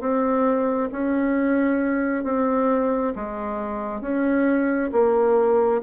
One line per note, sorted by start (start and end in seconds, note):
0.00 0.90 C4
0.92 2.24 C#4
2.24 3.13 C4
3.15 4.01 G#3
4.01 4.91 C#4
4.92 5.82 A#3